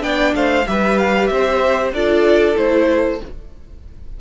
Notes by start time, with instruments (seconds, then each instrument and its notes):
0.00 cello B3, viola D4, violin D5 G5
0.35 cello A3, violin C5 F5
0.66 cello G3, viola G4, violin B4 E5
0.98 violin F5
1.27 cello C4, violin C5 E5
1.92 cello D4, viola F4, violin A4 D5
2.56 cello A3, viola E4, violin C5